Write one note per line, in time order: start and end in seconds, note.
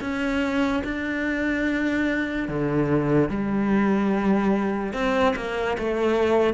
0.00 0.82 C#4
0.84 2.48 D4
2.48 3.29 D3
3.29 4.93 G3
4.93 5.34 C4
5.36 5.77 A#3
5.78 6.53 A3